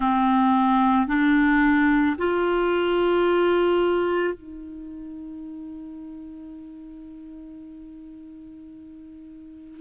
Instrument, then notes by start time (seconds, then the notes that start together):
clarinet
0.00 C4
1.07 D4
2.18 F4
4.33 D#4